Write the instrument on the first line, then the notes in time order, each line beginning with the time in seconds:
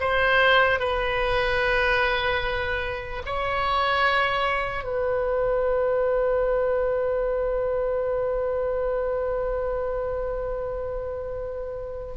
oboe
0.00 C5
0.79 B4
3.26 C#5
4.84 B4